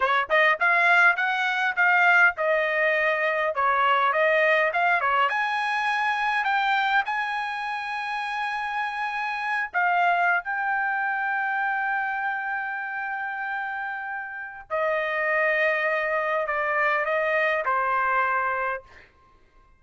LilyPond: \new Staff \with { instrumentName = "trumpet" } { \time 4/4 \tempo 4 = 102 cis''8 dis''8 f''4 fis''4 f''4 | dis''2 cis''4 dis''4 | f''8 cis''8 gis''2 g''4 | gis''1~ |
gis''8 f''4~ f''16 g''2~ g''16~ | g''1~ | g''4 dis''2. | d''4 dis''4 c''2 | }